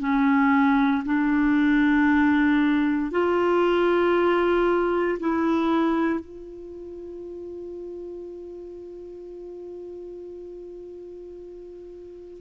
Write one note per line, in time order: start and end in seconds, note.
0.00 1.03 C#4
1.05 3.11 D4
3.11 5.18 F4
5.20 6.20 E4
6.20 12.40 F4